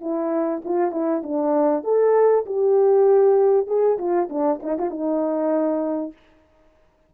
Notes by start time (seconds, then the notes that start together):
0.00 E4
0.64 F4
0.91 E4
1.23 D4
1.83 A4
2.45 G4
3.67 G#4
3.98 F4
4.29 D4
4.62 D#4
4.78 F4
4.90 D#4